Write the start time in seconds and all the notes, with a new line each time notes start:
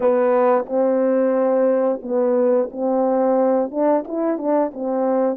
0.00 B3
0.66 C4
2.02 B3
2.71 C4
3.70 D4
4.07 E4
4.38 D4
4.73 C4